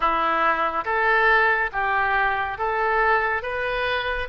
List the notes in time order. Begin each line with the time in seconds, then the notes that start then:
0.00 E4
0.84 A4
1.72 G4
2.58 A4
3.42 B4